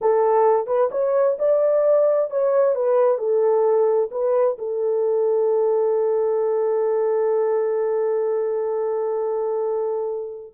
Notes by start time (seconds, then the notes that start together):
0.01 A4
0.66 B4
0.91 C#5
1.38 D5
2.30 C#5
2.75 B4
3.18 A4
4.11 B4
4.58 A4